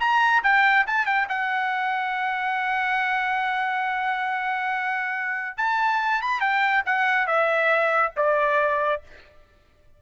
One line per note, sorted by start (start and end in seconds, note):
0.00 0.43 A#5
0.43 0.86 G5
0.87 1.06 A5
1.06 1.28 G5
1.29 5.57 F#5
5.58 6.22 A5
6.22 6.41 B5
6.41 6.83 G5
6.86 7.27 F#5
7.27 8.13 E5
8.16 9.02 D5